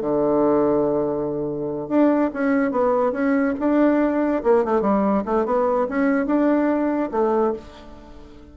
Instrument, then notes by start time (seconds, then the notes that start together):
bassoon
0.00 D3
1.88 D4
2.33 C#4
2.71 B3
3.12 C#4
3.59 D4
4.43 A#3
4.64 A3
4.81 G3
5.25 A3
5.45 B3
5.88 C#4
6.26 D4
7.11 A3